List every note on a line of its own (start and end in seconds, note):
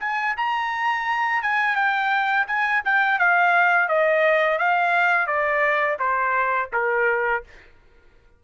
0.00 0.35 G#5
0.37 1.42 A#5
1.42 1.76 G#5
1.76 2.46 G5
2.47 2.82 G#5
2.85 3.19 G5
3.19 3.89 F5
3.89 4.58 D#5
4.58 5.27 F5
5.27 5.97 D5
5.99 6.70 C5
6.73 7.43 A#4